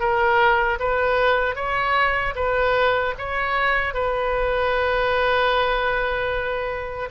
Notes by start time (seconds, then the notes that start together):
0.00 A#4
0.80 B4
1.56 C#5
2.36 B4
3.19 C#5
3.94 B4